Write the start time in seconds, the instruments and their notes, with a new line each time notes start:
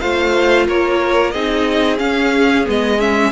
0.00 cello A3, viola F4, violin C5 F5
0.67 cello A#3, violin A#4 C#5
1.31 cello C4, viola D#4, violin G#4 D#5
1.97 viola C#4, cello C#4, violin F5
2.65 cello G#3, viola B3, violin D#5
2.99 viola C#4, violin E5